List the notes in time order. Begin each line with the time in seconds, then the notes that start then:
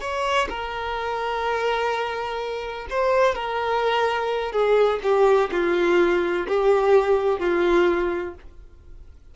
0.00 C#5
0.49 A#4
2.90 C5
3.34 A#4
4.52 G#4
5.03 G4
5.51 F4
6.47 G4
7.39 F4